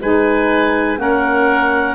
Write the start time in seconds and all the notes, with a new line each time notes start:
0.00 G#3 D#4 B4 G#5
0.97 A#3 C#4 A#4 F#5